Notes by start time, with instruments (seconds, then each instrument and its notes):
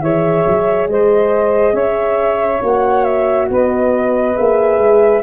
0.00 tuba E3, horn G#4, saxophone C#5, flute E5
0.47 tuba F#3
0.87 tuba G#3, saxophone C5, flute D#5
1.73 tuba C#4, saxophone C#5, flute E5
2.61 tuba A#3, horn F#4, flute F#5
3.04 flute E5
3.49 tuba B3, saxophone B4, flute D#5
4.35 tuba A#3, horn G#4, flute E5
4.78 tuba G#3